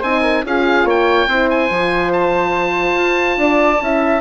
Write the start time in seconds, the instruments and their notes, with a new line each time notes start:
0.00 bassoon C4, horn D#4, flute C5, oboe G#5
0.22 flute A#4
0.44 bassoon C#4, horn F4, flute G#4, oboe F5
0.85 bassoon A#3, flute C#5, oboe G5
1.28 bassoon C4, horn E4, flute C5
1.50 oboe G#5
1.70 bassoon F3, horn F4
2.13 oboe A5
2.95 bassoon F4
3.37 bassoon D4, flute D5
3.82 bassoon C#4, horn E4, flute E5